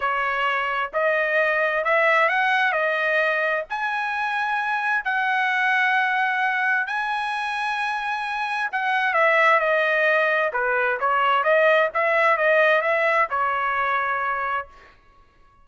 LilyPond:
\new Staff \with { instrumentName = "trumpet" } { \time 4/4 \tempo 4 = 131 cis''2 dis''2 | e''4 fis''4 dis''2 | gis''2. fis''4~ | fis''2. gis''4~ |
gis''2. fis''4 | e''4 dis''2 b'4 | cis''4 dis''4 e''4 dis''4 | e''4 cis''2. | }